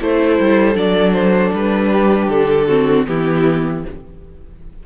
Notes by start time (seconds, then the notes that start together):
0.00 A3 E4 A4 C5
0.40 G3
0.75 F#3 D4 D5
1.13 C5
1.54 G3 B4
1.92 G4
2.29 D3 A4
2.68 C4 F#4
3.07 E3 B3 E4 G4